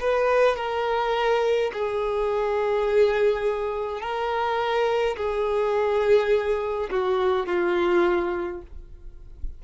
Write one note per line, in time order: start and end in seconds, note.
0.00 0.56 B4
0.56 1.71 A#4
1.73 4.01 G#4
4.01 5.16 A#4
5.16 6.89 G#4
6.90 7.46 F#4
7.46 8.61 F4